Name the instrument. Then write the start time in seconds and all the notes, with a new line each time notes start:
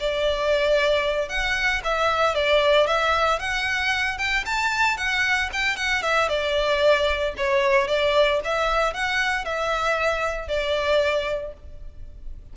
violin
0.00 D5
1.29 F#5
1.84 E5
2.35 D5
2.87 E5
3.39 F#5
4.18 G5
4.46 A5
4.97 F#5
5.53 G5
5.77 F#5
6.03 E5
6.29 D5
7.37 C#5
7.88 D5
8.44 E5
8.94 F#5
9.45 E5
10.48 D5